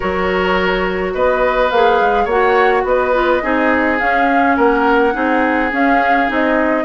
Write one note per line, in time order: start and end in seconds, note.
0.00 1.14 F#3
0.00 1.70 F#4
0.00 1.13 A#4
0.00 1.13 C#5
1.13 1.71 B3
1.13 2.24 B4
1.13 1.70 D#5
1.70 2.00 A#3
1.70 2.30 G#4
1.70 2.27 F5
2.00 2.25 G#3
2.24 2.83 A#3
2.24 3.13 F#4
2.24 2.82 C#5
2.24 2.86 F#5
2.83 3.40 B3
2.83 3.43 B4
2.83 3.99 D#5
3.13 3.41 F4
3.42 4.00 C4
3.42 3.98 D#4
3.42 4.56 G#4
3.98 5.12 C#4
3.98 4.57 C#4
3.98 4.56 F5
4.56 5.14 A#3
4.56 5.13 A#4
4.56 5.72 F#5
5.12 5.72 C4
5.12 5.70 D#4
5.12 6.84 G#4
5.72 6.27 C#4
5.72 6.29 C#4
5.72 6.30 F5
6.27 6.84 C4
6.27 6.84 D#4
6.27 6.84 D#5